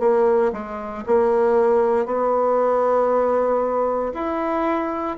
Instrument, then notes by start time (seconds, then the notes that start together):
bassoon
0.00 A#3
0.53 G#3
1.06 A#3
2.06 B3
4.14 E4